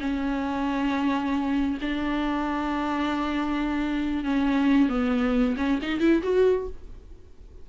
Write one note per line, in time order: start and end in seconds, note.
0.00 1.78 C#4
1.81 4.24 D4
4.24 4.89 C#4
4.89 5.56 B3
5.57 5.79 C#4
5.82 6.00 D#4
6.00 6.22 E4
6.23 6.67 F#4